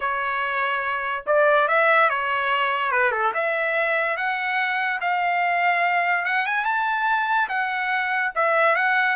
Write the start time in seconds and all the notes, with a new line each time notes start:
0.00 C#5
1.26 D5
1.68 E5
2.09 C#5
2.91 B4
3.11 A4
3.33 E5
4.16 F#5
5.01 F5
6.25 F#5
6.45 G#5
6.65 A5
7.48 F#5
8.35 E5
8.75 F#5